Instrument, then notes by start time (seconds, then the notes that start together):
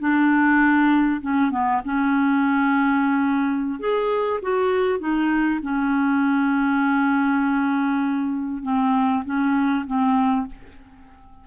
clarinet
0.00 D4
1.22 C#4
1.51 B3
1.85 C#4
3.80 G#4
4.42 F#4
5.00 D#4
5.63 C#4
8.63 C4
9.25 C#4
9.87 C4